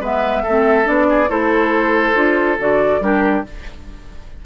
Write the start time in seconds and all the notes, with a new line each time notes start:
0.00 G#3 B3 B4 E5
0.43 A3 A4
0.49 C4
0.84 B3 D4 D5
1.10 G#4
1.29 A3 E4 A4 C5
2.14 D4 F4
2.59 D3 F#4 D5
3.00 G3 D4 G4 A#4